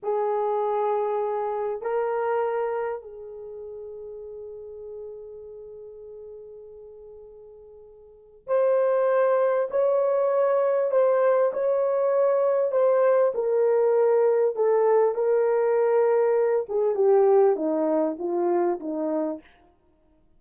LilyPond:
\new Staff \with { instrumentName = "horn" } { \time 4/4 \tempo 4 = 99 gis'2. ais'4~ | ais'4 gis'2.~ | gis'1~ | gis'2 c''2 |
cis''2 c''4 cis''4~ | cis''4 c''4 ais'2 | a'4 ais'2~ ais'8 gis'8 | g'4 dis'4 f'4 dis'4 | }